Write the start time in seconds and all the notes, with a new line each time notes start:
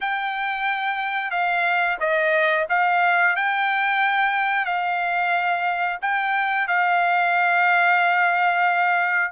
0.00 G5
1.30 F5
1.99 D#5
2.69 F5
3.35 G5
4.65 F5
6.01 G5
6.67 F5